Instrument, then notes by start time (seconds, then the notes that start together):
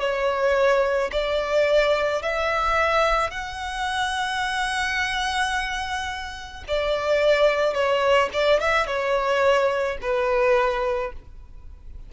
violin
0.00 C#5
1.12 D5
2.22 E5
3.31 F#5
6.68 D5
7.74 C#5
8.33 D5
8.61 E5
8.86 C#5
10.02 B4